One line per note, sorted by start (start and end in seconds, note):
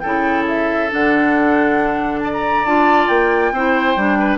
0.00 0.91 C#3
0.00 0.90 E4
0.00 2.19 A4
0.00 0.43 G5
0.48 0.91 E5
0.90 2.65 D3
0.90 2.63 D4
0.90 2.19 F#5
2.19 3.53 D5
2.19 2.30 A5
2.33 2.65 A#5
2.65 3.08 D4
2.65 3.54 F4
2.65 3.08 A5
3.08 3.52 A#3
3.08 4.37 G5
3.52 3.95 C4
3.52 3.97 E4
3.52 4.18 C5
3.96 4.37 G3
3.96 4.37 D4
4.19 4.37 B4